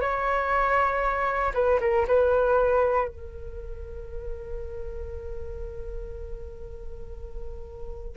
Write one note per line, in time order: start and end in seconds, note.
0.00 1.53 C#5
1.54 1.79 B4
1.80 2.06 A#4
2.07 3.07 B4
3.07 8.16 A#4